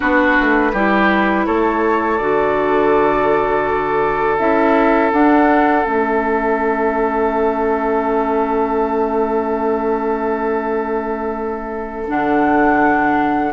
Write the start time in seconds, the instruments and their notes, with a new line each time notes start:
0.00 bassoon B3, clarinet D4, oboe F#4, flute B4
0.40 bassoon A3
0.72 bassoon G3, clarinet E4, oboe G4
1.46 bassoon A3, oboe A4, flute C#5
2.17 bassoon D3, clarinet F#4, flute D5
4.38 bassoon C#4, clarinet E4, flute E5
5.12 clarinet D4, bassoon D4, flute F#5
5.82 bassoon A3, clarinet C#4, flute E5
12.07 bassoon D3, clarinet D4, flute F#5